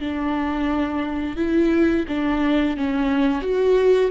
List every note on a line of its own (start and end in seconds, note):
0.00 1.36 D4
1.36 2.05 E4
2.08 2.77 D4
2.77 3.42 C#4
3.42 4.11 F#4